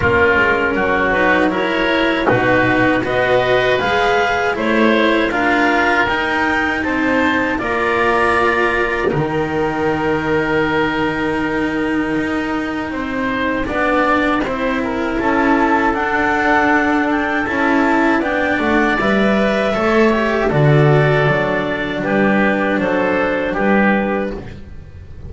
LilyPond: <<
  \new Staff \with { instrumentName = "clarinet" } { \time 4/4 \tempo 4 = 79 ais'4. b'8 cis''4 b'4 | dis''4 f''4 cis''4 f''4 | g''4 a''4 ais''2 | g''1~ |
g''1 | a''4 fis''4. g''8 a''4 | g''8 fis''8 e''2 d''4~ | d''4 b'4 c''4 b'4 | }
  \new Staff \with { instrumentName = "oboe" } { \time 4/4 f'4 fis'4 ais'4 fis'4 | b'2 c''4 ais'4~ | ais'4 c''4 d''2 | ais'1~ |
ais'4 c''4 d''4 c''8 ais'8 | a'1 | d''2 cis''4 a'4~ | a'4 g'4 a'4 g'4 | }
  \new Staff \with { instrumentName = "cello" } { \time 4/4 cis'4. dis'8 e'4 dis'4 | fis'4 gis'4 e'4 f'4 | dis'2 f'2 | dis'1~ |
dis'2 d'4 e'4~ | e'4 d'2 e'4 | d'4 b'4 a'8 g'8 fis'4 | d'1 | }
  \new Staff \with { instrumentName = "double bass" } { \time 4/4 ais8 gis8 fis2 b,4 | b4 gis4 a4 d'4 | dis'4 c'4 ais2 | dis1 |
dis'4 c'4 b4 c'4 | cis'4 d'2 cis'4 | b8 a8 g4 a4 d4 | fis4 g4 fis4 g4 | }
>>